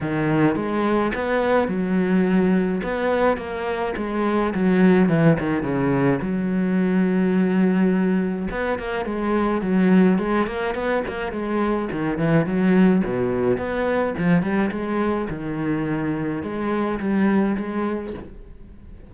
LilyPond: \new Staff \with { instrumentName = "cello" } { \time 4/4 \tempo 4 = 106 dis4 gis4 b4 fis4~ | fis4 b4 ais4 gis4 | fis4 e8 dis8 cis4 fis4~ | fis2. b8 ais8 |
gis4 fis4 gis8 ais8 b8 ais8 | gis4 dis8 e8 fis4 b,4 | b4 f8 g8 gis4 dis4~ | dis4 gis4 g4 gis4 | }